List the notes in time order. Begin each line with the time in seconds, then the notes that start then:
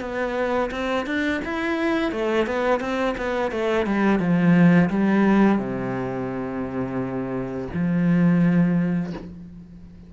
0.00 B3
0.71 C4
1.06 D4
1.44 E4
2.12 A3
2.46 B3
2.80 C4
3.17 B3
3.51 A3
3.86 G3
4.19 F3
4.89 G3
5.58 C3
7.73 F3